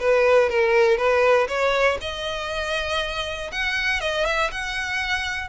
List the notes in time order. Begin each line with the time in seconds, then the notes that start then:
0.00 B4
0.50 A#4
0.97 B4
1.48 C#5
2.01 D#5
3.52 F#5
4.01 D#5
4.26 E5
4.51 F#5